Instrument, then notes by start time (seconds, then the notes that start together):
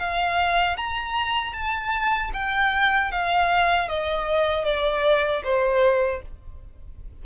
violin
0.00 F5
0.78 A#5
1.53 A5
2.34 G5
3.12 F5
3.89 D#5
4.65 D5
5.44 C5